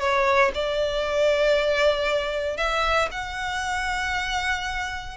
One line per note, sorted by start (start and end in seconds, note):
0.00 0.52 C#5
0.54 2.57 D5
2.57 3.09 E5
3.12 5.17 F#5